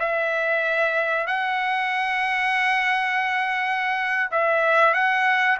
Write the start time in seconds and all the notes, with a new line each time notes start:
0.00 E5
1.27 F#5
4.32 E5
4.94 F#5